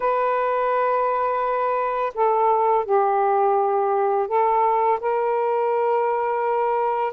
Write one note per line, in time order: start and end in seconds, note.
0.00 2.13 B4
2.14 2.85 A4
2.85 4.27 G4
4.27 4.99 A4
5.00 7.13 A#4